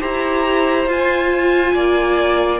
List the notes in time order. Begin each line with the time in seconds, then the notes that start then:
0.00 E4 G4 C5 A#5
0.86 F4 G#5
1.74 A#3 D5